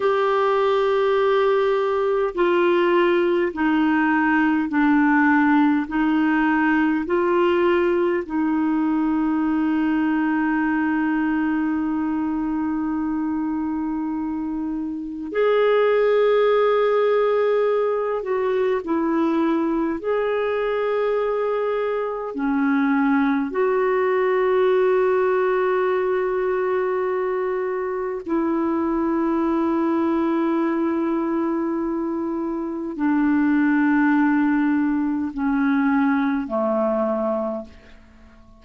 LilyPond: \new Staff \with { instrumentName = "clarinet" } { \time 4/4 \tempo 4 = 51 g'2 f'4 dis'4 | d'4 dis'4 f'4 dis'4~ | dis'1~ | dis'4 gis'2~ gis'8 fis'8 |
e'4 gis'2 cis'4 | fis'1 | e'1 | d'2 cis'4 a4 | }